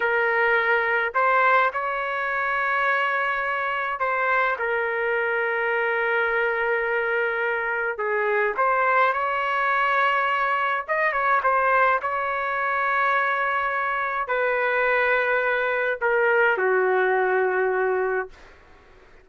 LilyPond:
\new Staff \with { instrumentName = "trumpet" } { \time 4/4 \tempo 4 = 105 ais'2 c''4 cis''4~ | cis''2. c''4 | ais'1~ | ais'2 gis'4 c''4 |
cis''2. dis''8 cis''8 | c''4 cis''2.~ | cis''4 b'2. | ais'4 fis'2. | }